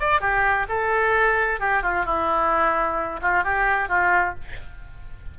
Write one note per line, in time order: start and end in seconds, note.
0.00 0.21 D5
0.21 0.67 G4
0.69 1.60 A4
1.60 1.83 G4
1.83 2.06 F4
2.06 3.20 E4
3.22 3.44 F4
3.44 3.89 G4
3.89 4.35 F4